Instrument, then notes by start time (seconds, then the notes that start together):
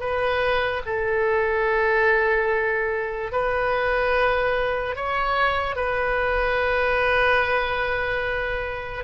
oboe
0.00 B4
0.86 A4
3.32 B4
4.96 C#5
5.76 B4